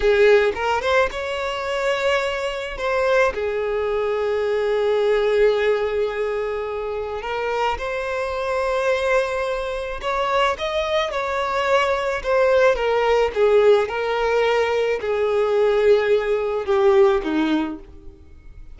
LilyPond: \new Staff \with { instrumentName = "violin" } { \time 4/4 \tempo 4 = 108 gis'4 ais'8 c''8 cis''2~ | cis''4 c''4 gis'2~ | gis'1~ | gis'4 ais'4 c''2~ |
c''2 cis''4 dis''4 | cis''2 c''4 ais'4 | gis'4 ais'2 gis'4~ | gis'2 g'4 dis'4 | }